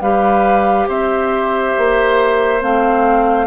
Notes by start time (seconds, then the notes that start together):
0.00 G3 G4 B4 F5
0.87 C4 C5 E5
1.77 A#3
2.61 A3 C4 F5